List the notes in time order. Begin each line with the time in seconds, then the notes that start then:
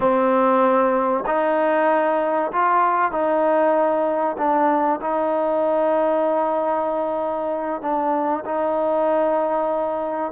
0.00 C4
1.26 D#4
2.52 F4
3.11 D#4
4.37 D4
5.01 D#4
7.81 D4
8.45 D#4